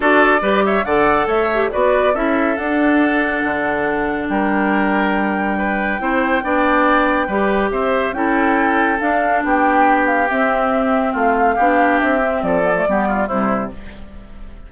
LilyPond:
<<
  \new Staff \with { instrumentName = "flute" } { \time 4/4 \tempo 4 = 140 d''4. e''8 fis''4 e''4 | d''4 e''4 fis''2~ | fis''2 g''2~ | g''1~ |
g''2 e''4 g''4~ | g''4 f''4 g''4. f''8 | e''2 f''2 | e''4 d''2 c''4 | }
  \new Staff \with { instrumentName = "oboe" } { \time 4/4 a'4 b'8 cis''8 d''4 cis''4 | b'4 a'2.~ | a'2 ais'2~ | ais'4 b'4 c''4 d''4~ |
d''4 b'4 c''4 a'4~ | a'2 g'2~ | g'2 f'4 g'4~ | g'4 a'4 g'8 f'8 e'4 | }
  \new Staff \with { instrumentName = "clarinet" } { \time 4/4 fis'4 g'4 a'4. g'8 | fis'4 e'4 d'2~ | d'1~ | d'2 e'4 d'4~ |
d'4 g'2 e'4~ | e'4 d'2. | c'2. d'4~ | d'8 c'4 b16 a16 b4 g4 | }
  \new Staff \with { instrumentName = "bassoon" } { \time 4/4 d'4 g4 d4 a4 | b4 cis'4 d'2 | d2 g2~ | g2 c'4 b4~ |
b4 g4 c'4 cis'4~ | cis'4 d'4 b2 | c'2 a4 b4 | c'4 f4 g4 c4 | }
>>